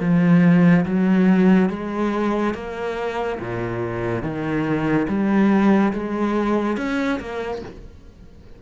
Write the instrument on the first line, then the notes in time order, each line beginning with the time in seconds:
cello
0.00 F3
0.85 F#3
1.69 G#3
2.54 A#3
3.40 A#2
4.22 D#3
5.08 G3
5.93 G#3
6.77 C#4
7.19 A#3